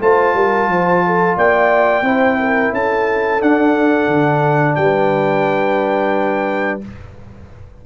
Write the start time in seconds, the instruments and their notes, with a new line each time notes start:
0.00 tuba A3, trombone F4, horn C5, trumpet A5
0.35 tuba G3, horn A#4
0.68 tuba F3, horn C5
1.07 horn A4
1.37 tuba A#3, horn D5, trumpet G5
2.03 tuba C4, trombone E4, horn C5
2.40 horn A#4
2.73 tuba C#4, horn A4, trumpet A5
3.41 trombone D4, tuba D4, trumpet F#5
4.08 tuba D3
4.76 tuba G3, horn B4, trumpet G5